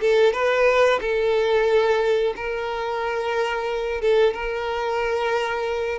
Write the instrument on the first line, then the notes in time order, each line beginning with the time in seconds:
violin
0.00 A4
0.32 B4
1.00 A4
2.35 A#4
4.01 A4
4.33 A#4